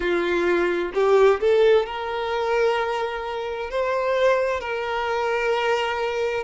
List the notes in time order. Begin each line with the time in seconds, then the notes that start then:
0.00 F4
0.94 G4
1.40 A4
1.86 A#4
3.70 C5
4.60 A#4